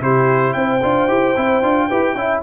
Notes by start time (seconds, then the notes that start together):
0.00 C3 E4 G4 C5
0.53 C4 C5 G5
0.82 D4 F4
1.08 E4 G4
1.36 C4 E4
1.62 D4 F4
1.88 E4 G4 B4
2.14 C#4 E4 E5